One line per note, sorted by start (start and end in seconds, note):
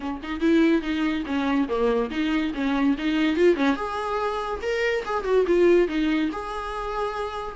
0.00 0.20 C#4
0.22 0.40 D#4
0.40 0.81 E4
0.81 1.23 D#4
1.25 1.67 C#4
1.68 2.10 A#3
2.10 2.52 D#4
2.54 2.96 C#4
2.98 3.36 D#4
3.36 3.56 F4
3.56 3.76 C#4
3.76 4.60 G#4
4.62 5.04 A#4
5.05 5.24 G#4
5.24 5.45 F#4
5.46 5.88 F4
5.88 6.30 D#4
6.32 7.55 G#4